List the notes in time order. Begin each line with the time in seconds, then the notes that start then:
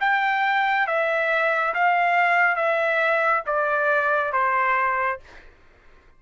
0.00 G5
0.87 E5
1.74 F5
2.56 E5
3.46 D5
4.32 C5